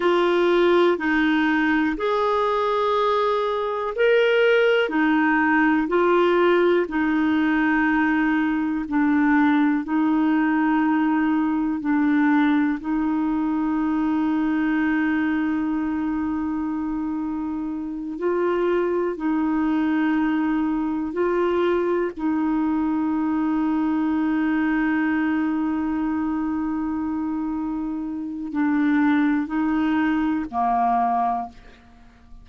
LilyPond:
\new Staff \with { instrumentName = "clarinet" } { \time 4/4 \tempo 4 = 61 f'4 dis'4 gis'2 | ais'4 dis'4 f'4 dis'4~ | dis'4 d'4 dis'2 | d'4 dis'2.~ |
dis'2~ dis'8 f'4 dis'8~ | dis'4. f'4 dis'4.~ | dis'1~ | dis'4 d'4 dis'4 ais4 | }